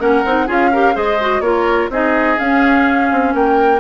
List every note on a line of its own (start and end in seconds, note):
0.00 0.24 A#3
0.00 0.24 C#4
0.00 0.47 A#4
0.00 0.48 F#5
0.25 0.48 C4
0.25 0.48 D#4
0.47 0.96 C#4
0.47 0.72 F4
0.47 0.71 G#4
0.47 0.97 F5
0.73 0.94 G4
0.73 0.95 A#4
0.94 1.41 G#3
0.94 1.18 G#4
0.94 1.43 C5
0.94 1.41 D#5
1.21 1.43 F#4
1.41 1.88 A#3
1.41 1.91 F4
1.41 1.91 A#4
1.41 1.89 C#5
1.90 2.37 C4
1.90 2.38 D#4
1.90 3.35 G#4
1.90 2.39 D#5
2.38 3.80 C#4
2.38 3.12 C#4
2.38 3.35 F5
3.12 3.34 C4
3.34 3.80 A#3
3.34 3.80 A#4
3.34 3.80 G5